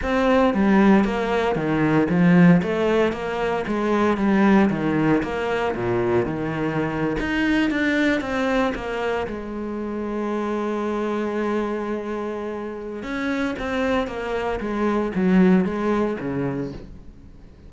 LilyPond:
\new Staff \with { instrumentName = "cello" } { \time 4/4 \tempo 4 = 115 c'4 g4 ais4 dis4 | f4 a4 ais4 gis4 | g4 dis4 ais4 ais,4 | dis4.~ dis16 dis'4 d'4 c'16~ |
c'8. ais4 gis2~ gis16~ | gis1~ | gis4 cis'4 c'4 ais4 | gis4 fis4 gis4 cis4 | }